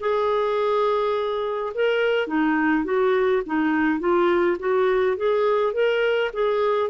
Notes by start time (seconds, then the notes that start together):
0.00 G#4
1.75 A#4
2.27 D#4
2.85 F#4
3.46 D#4
4.00 F4
4.59 F#4
5.17 G#4
5.73 A#4
6.33 G#4